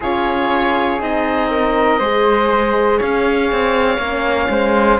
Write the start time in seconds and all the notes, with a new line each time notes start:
0.00 C#4 F4 G#4 C#5
1.00 C4 D#4 D#5
1.50 A#4
1.98 G#3 G#4 C5
2.98 C#4 C#5 F5
3.51 C4
3.97 A#3 C#4
4.49 G#3 C5